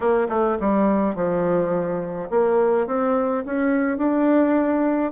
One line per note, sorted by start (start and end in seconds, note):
0.00 0.27 A#3
0.29 0.57 A3
0.59 1.15 G3
1.15 2.29 F3
2.30 2.86 A#3
2.86 3.43 C4
3.45 3.97 C#4
3.97 5.11 D4